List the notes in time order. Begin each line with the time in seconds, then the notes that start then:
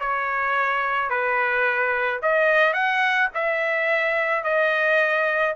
0.00 C#5
1.10 B4
2.23 D#5
2.74 F#5
3.35 E5
4.44 D#5